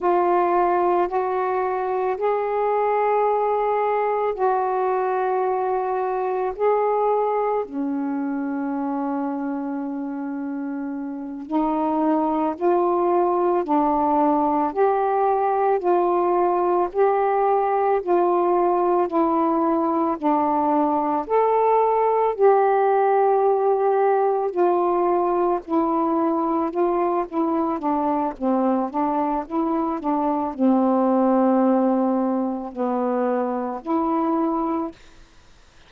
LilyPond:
\new Staff \with { instrumentName = "saxophone" } { \time 4/4 \tempo 4 = 55 f'4 fis'4 gis'2 | fis'2 gis'4 cis'4~ | cis'2~ cis'8 dis'4 f'8~ | f'8 d'4 g'4 f'4 g'8~ |
g'8 f'4 e'4 d'4 a'8~ | a'8 g'2 f'4 e'8~ | e'8 f'8 e'8 d'8 c'8 d'8 e'8 d'8 | c'2 b4 e'4 | }